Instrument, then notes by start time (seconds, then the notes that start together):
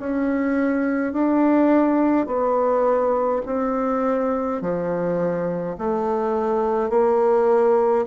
bassoon
0.00 C#4
1.13 D4
2.27 B3
3.46 C4
4.62 F3
5.78 A3
6.90 A#3